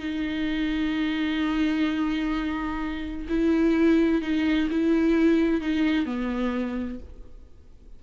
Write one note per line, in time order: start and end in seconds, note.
0.00 3.28 D#4
3.29 4.22 E4
4.22 4.69 D#4
4.71 5.61 E4
5.61 6.06 D#4
6.06 7.00 B3